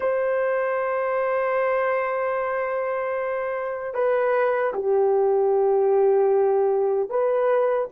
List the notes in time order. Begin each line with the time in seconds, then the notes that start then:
0.00 C5
3.94 B4
4.74 G4
7.09 B4